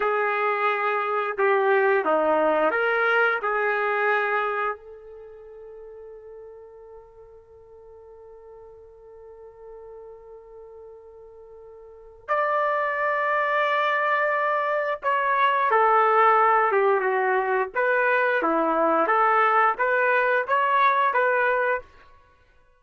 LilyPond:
\new Staff \with { instrumentName = "trumpet" } { \time 4/4 \tempo 4 = 88 gis'2 g'4 dis'4 | ais'4 gis'2 a'4~ | a'1~ | a'1~ |
a'2 d''2~ | d''2 cis''4 a'4~ | a'8 g'8 fis'4 b'4 e'4 | a'4 b'4 cis''4 b'4 | }